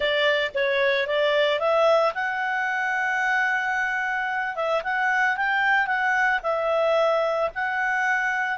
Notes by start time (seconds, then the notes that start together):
0.00 D5
0.54 C#5
1.07 D5
1.59 E5
2.14 F#5
4.55 E5
4.83 F#5
5.36 G5
5.86 F#5
6.42 E5
7.55 F#5